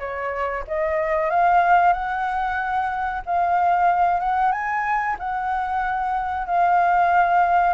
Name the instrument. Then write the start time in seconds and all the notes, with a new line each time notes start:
flute
0.00 C#5
0.68 D#5
1.31 F5
1.93 F#5
3.26 F5
4.21 F#5
4.52 G#5
5.20 F#5
6.47 F5